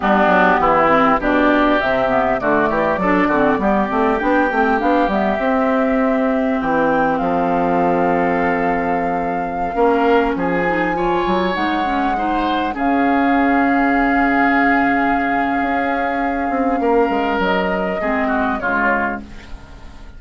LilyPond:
<<
  \new Staff \with { instrumentName = "flute" } { \time 4/4 \tempo 4 = 100 g'2 d''4 e''4 | d''2. g''4 | f''8 e''2~ e''8 g''4 | f''1~ |
f''4~ f''16 gis''2 fis''8.~ | fis''4~ fis''16 f''2~ f''8.~ | f''1~ | f''4 dis''2 cis''4 | }
  \new Staff \with { instrumentName = "oboe" } { \time 4/4 d'4 e'4 g'2 | fis'8 g'8 a'8 fis'8 g'2~ | g'1 | a'1~ |
a'16 ais'4 gis'4 cis''4.~ cis''16~ | cis''16 c''4 gis'2~ gis'8.~ | gis'1 | ais'2 gis'8 fis'8 f'4 | }
  \new Staff \with { instrumentName = "clarinet" } { \time 4/4 b4. c'8 d'4 c'8 b8 | a4 d'8 c'8 b8 c'8 d'8 c'8 | d'8 b8 c'2.~ | c'1~ |
c'16 cis'4. dis'8 f'4 dis'8 cis'16~ | cis'16 dis'4 cis'2~ cis'8.~ | cis'1~ | cis'2 c'4 gis4 | }
  \new Staff \with { instrumentName = "bassoon" } { \time 4/4 g8 fis8 e4 b,4 c4 | d8 e8 fis8 d8 g8 a8 b8 a8 | b8 g8 c'2 e4 | f1~ |
f16 ais4 f4. fis8 gis8.~ | gis4~ gis16 cis2~ cis8.~ | cis2 cis'4. c'8 | ais8 gis8 fis4 gis4 cis4 | }
>>